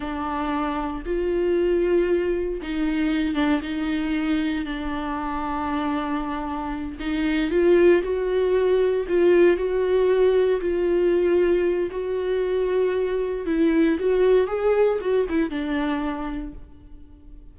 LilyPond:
\new Staff \with { instrumentName = "viola" } { \time 4/4 \tempo 4 = 116 d'2 f'2~ | f'4 dis'4. d'8 dis'4~ | dis'4 d'2.~ | d'4. dis'4 f'4 fis'8~ |
fis'4. f'4 fis'4.~ | fis'8 f'2~ f'8 fis'4~ | fis'2 e'4 fis'4 | gis'4 fis'8 e'8 d'2 | }